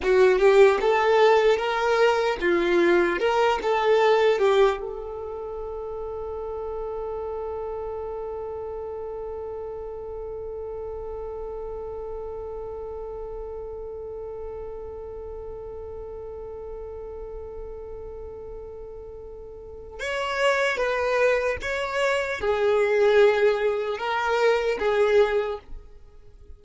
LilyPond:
\new Staff \with { instrumentName = "violin" } { \time 4/4 \tempo 4 = 75 fis'8 g'8 a'4 ais'4 f'4 | ais'8 a'4 g'8 a'2~ | a'1~ | a'1~ |
a'1~ | a'1~ | a'4 cis''4 b'4 cis''4 | gis'2 ais'4 gis'4 | }